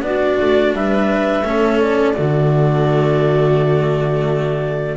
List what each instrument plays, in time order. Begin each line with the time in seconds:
0.00 double bass B3, cello D4, viola F#4, clarinet D5
0.40 double bass A3
0.72 double bass G3, viola B4, clarinet E5
1.42 double bass A3, cello C#4, viola A4
1.81 clarinet D5
2.14 double bass D3, cello A3, viola F#4